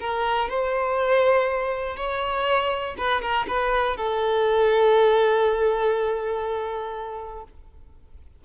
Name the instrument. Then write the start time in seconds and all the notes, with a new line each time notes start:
violin
0.00 A#4
0.49 C5
1.97 C#5
2.98 B4
3.22 A#4
3.48 B4
3.97 A4